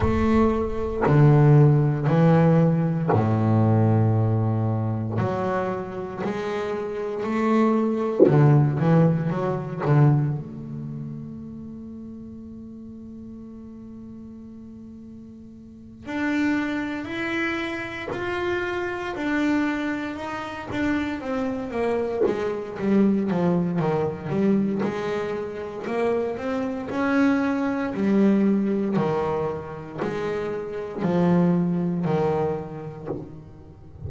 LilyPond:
\new Staff \with { instrumentName = "double bass" } { \time 4/4 \tempo 4 = 58 a4 d4 e4 a,4~ | a,4 fis4 gis4 a4 | d8 e8 fis8 d8 a2~ | a2.~ a8 d'8~ |
d'8 e'4 f'4 d'4 dis'8 | d'8 c'8 ais8 gis8 g8 f8 dis8 g8 | gis4 ais8 c'8 cis'4 g4 | dis4 gis4 f4 dis4 | }